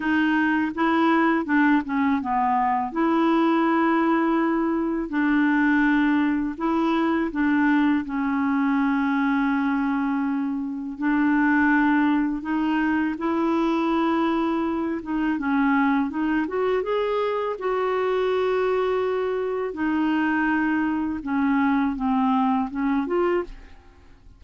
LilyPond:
\new Staff \with { instrumentName = "clarinet" } { \time 4/4 \tempo 4 = 82 dis'4 e'4 d'8 cis'8 b4 | e'2. d'4~ | d'4 e'4 d'4 cis'4~ | cis'2. d'4~ |
d'4 dis'4 e'2~ | e'8 dis'8 cis'4 dis'8 fis'8 gis'4 | fis'2. dis'4~ | dis'4 cis'4 c'4 cis'8 f'8 | }